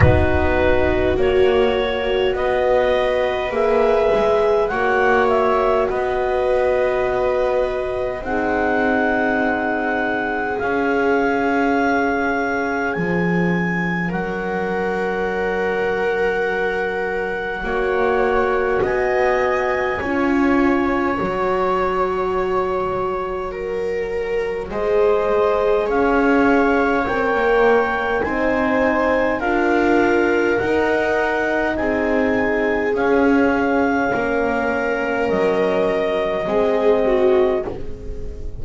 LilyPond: <<
  \new Staff \with { instrumentName = "clarinet" } { \time 4/4 \tempo 4 = 51 b'4 cis''4 dis''4 e''4 | fis''8 e''8 dis''2 fis''4~ | fis''4 f''2 gis''4 | fis''1 |
gis''2 ais''2~ | ais''4 dis''4 f''4 g''4 | gis''4 f''4 fis''4 gis''4 | f''2 dis''2 | }
  \new Staff \with { instrumentName = "viola" } { \time 4/4 fis'2 b'2 | cis''4 b'2 gis'4~ | gis'1 | ais'2. cis''4 |
dis''4 cis''2. | ais'4 c''4 cis''2 | c''4 ais'2 gis'4~ | gis'4 ais'2 gis'8 fis'8 | }
  \new Staff \with { instrumentName = "horn" } { \time 4/4 dis'4 fis'2 gis'4 | fis'2. dis'4~ | dis'4 cis'2.~ | cis'2. fis'4~ |
fis'4 f'4 fis'2~ | fis'4 gis'2 ais'4 | dis'4 f'4 dis'2 | cis'2. c'4 | }
  \new Staff \with { instrumentName = "double bass" } { \time 4/4 b4 ais4 b4 ais8 gis8 | ais4 b2 c'4~ | c'4 cis'2 f4 | fis2. ais4 |
b4 cis'4 fis2~ | fis4 gis4 cis'4 c'16 ais8. | c'4 d'4 dis'4 c'4 | cis'4 ais4 fis4 gis4 | }
>>